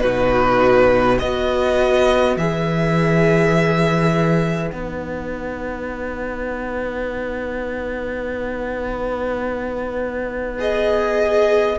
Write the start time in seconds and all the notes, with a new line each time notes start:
0.00 B2 D#4 F#4 B4
1.19 B3 F#4 B4 D#5
2.37 E3 G#4 E5
4.71 B3 D#4 F#5
10.59 G#4 D#5